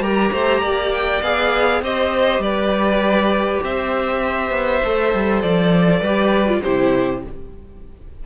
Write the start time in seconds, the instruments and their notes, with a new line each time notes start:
0.00 cello G3, viola G4, violin A#4 A#5
0.32 cello A3, violin C5
0.61 cello A#3, violin D5
0.94 violin G5
1.22 cello B3, viola G#4, violin F5
1.81 cello C4, viola G4, violin C5 D#5
2.39 cello G3, violin B4 D5
3.63 cello C4, violin C5 E5
4.50 cello B3
4.85 cello A3, viola A4
5.14 cello G3
5.42 cello F3, violin D5
6.00 cello G3, viola G4, violin B4
6.48 viola F4
6.62 cello C3, viola E4, violin G4 C5